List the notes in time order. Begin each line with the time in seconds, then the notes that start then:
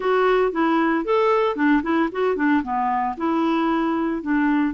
0.00 F#4
0.52 E4
1.04 A4
1.56 D4
1.83 E4
2.12 F#4
2.36 D4
2.63 B3
3.17 E4
4.22 D4